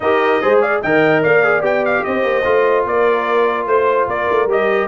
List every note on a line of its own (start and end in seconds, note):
0.00 0.40 D#4
0.00 0.41 G4
0.00 0.42 A#4
0.00 0.59 D#5
0.41 0.83 G#3
0.41 0.82 G#4
0.41 0.60 C5
0.60 0.81 D5
0.60 0.81 F5
0.82 1.24 D#3
0.82 1.44 A#4
0.82 1.22 D#5
0.82 1.23 G5
1.22 1.62 A#3
1.22 2.04 D5
1.22 1.64 F5
1.44 1.61 G#4
1.61 2.02 B3
1.61 2.42 G4
1.61 1.85 G5
1.85 2.04 F5
2.04 2.23 C4
2.04 2.87 C5
2.04 2.85 D#5
2.23 2.44 A#3
2.44 2.85 A3
2.44 4.48 F4
2.85 3.65 A#3
2.85 3.68 A#4
2.85 3.67 D5
3.65 4.06 A3
3.65 4.08 C5
3.65 4.07 C5
4.07 4.27 A#3
4.07 4.88 A#4
4.07 4.50 D5
4.30 4.46 A3
4.46 4.87 G3
4.46 4.88 G4
4.46 4.88 D#5